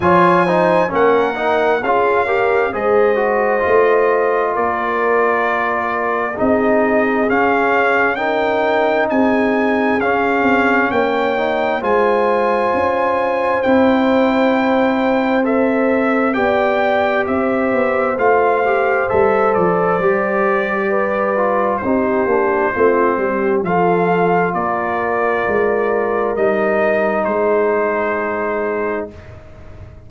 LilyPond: <<
  \new Staff \with { instrumentName = "trumpet" } { \time 4/4 \tempo 4 = 66 gis''4 fis''4 f''4 dis''4~ | dis''4 d''2 dis''4 | f''4 g''4 gis''4 f''4 | g''4 gis''2 g''4~ |
g''4 e''4 g''4 e''4 | f''4 e''8 d''2~ d''8 | c''2 f''4 d''4~ | d''4 dis''4 c''2 | }
  \new Staff \with { instrumentName = "horn" } { \time 4/4 cis''8 c''8 ais'4 gis'8 ais'8 c''4~ | c''4 ais'2 gis'4~ | gis'4 ais'4 gis'2 | cis''4 c''2.~ |
c''2 d''4 c''4~ | c''2. b'4 | g'4 f'8 g'8 a'4 ais'4~ | ais'2 gis'2 | }
  \new Staff \with { instrumentName = "trombone" } { \time 4/4 f'8 dis'8 cis'8 dis'8 f'8 g'8 gis'8 fis'8 | f'2. dis'4 | cis'4 dis'2 cis'4~ | cis'8 dis'8 f'2 e'4~ |
e'4 a'4 g'2 | f'8 g'8 a'4 g'4. f'8 | dis'8 d'8 c'4 f'2~ | f'4 dis'2. | }
  \new Staff \with { instrumentName = "tuba" } { \time 4/4 f4 ais4 cis'4 gis4 | a4 ais2 c'4 | cis'2 c'4 cis'8 c'8 | ais4 gis4 cis'4 c'4~ |
c'2 b4 c'8 b8 | a4 g8 f8 g2 | c'8 ais8 a8 g8 f4 ais4 | gis4 g4 gis2 | }
>>